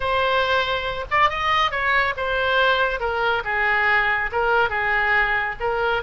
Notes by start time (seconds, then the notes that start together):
0.00 C5
1.10 D5
1.29 D#5
1.71 C#5
2.16 C5
2.99 A#4
3.44 G#4
4.31 A#4
4.69 G#4
5.59 A#4